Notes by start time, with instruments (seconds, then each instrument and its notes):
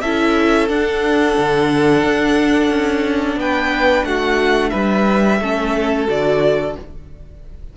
0.00 cello C#4, viola E4, violin A4 E5
0.68 viola D4, cello D4, violin F#5
1.37 cello D3
2.03 cello D4
2.69 cello C#4
3.36 cello B3, violin B4 G5
4.04 cello A3, violin F#4 F#5
4.69 cello G3, violin B4 E5
5.40 cello A3, viola C#4, violin A4
6.07 cello D3, viola F#4, violin D5